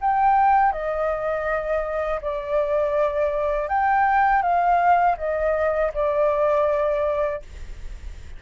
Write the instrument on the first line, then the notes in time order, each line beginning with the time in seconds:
flute
0.00 G5
0.72 D#5
2.21 D5
3.68 G5
4.42 F5
5.17 D#5
5.94 D5